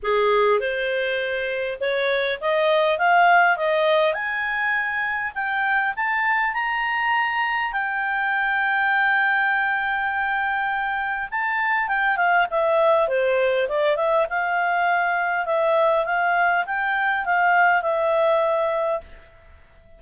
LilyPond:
\new Staff \with { instrumentName = "clarinet" } { \time 4/4 \tempo 4 = 101 gis'4 c''2 cis''4 | dis''4 f''4 dis''4 gis''4~ | gis''4 g''4 a''4 ais''4~ | ais''4 g''2.~ |
g''2. a''4 | g''8 f''8 e''4 c''4 d''8 e''8 | f''2 e''4 f''4 | g''4 f''4 e''2 | }